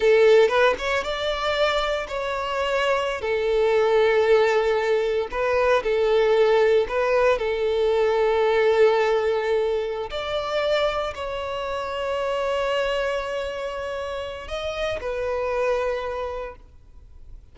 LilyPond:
\new Staff \with { instrumentName = "violin" } { \time 4/4 \tempo 4 = 116 a'4 b'8 cis''8 d''2 | cis''2~ cis''16 a'4.~ a'16~ | a'2~ a'16 b'4 a'8.~ | a'4~ a'16 b'4 a'4.~ a'16~ |
a'2.~ a'8 d''8~ | d''4. cis''2~ cis''8~ | cis''1 | dis''4 b'2. | }